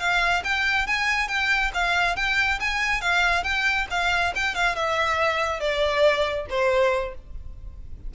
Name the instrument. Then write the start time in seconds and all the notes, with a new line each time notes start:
violin
0.00 F5
0.44 G5
0.88 G#5
1.29 G5
1.74 F5
2.16 G5
2.61 G#5
3.02 F5
3.44 G5
3.91 F5
4.36 G5
4.55 F5
4.76 E5
5.60 D5
6.50 C5